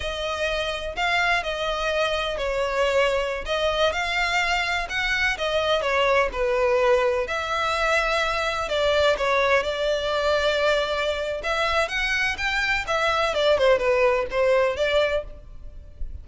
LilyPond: \new Staff \with { instrumentName = "violin" } { \time 4/4 \tempo 4 = 126 dis''2 f''4 dis''4~ | dis''4 cis''2~ cis''16 dis''8.~ | dis''16 f''2 fis''4 dis''8.~ | dis''16 cis''4 b'2 e''8.~ |
e''2~ e''16 d''4 cis''8.~ | cis''16 d''2.~ d''8. | e''4 fis''4 g''4 e''4 | d''8 c''8 b'4 c''4 d''4 | }